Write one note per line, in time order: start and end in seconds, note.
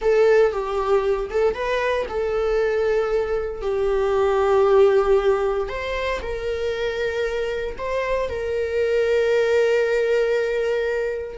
0.01 0.51 A4
0.51 1.29 G4
1.30 1.54 A4
1.54 2.06 B4
2.08 3.61 A4
3.61 5.68 G4
5.68 6.20 C5
6.21 7.76 A#4
7.78 8.29 C5
8.29 11.38 A#4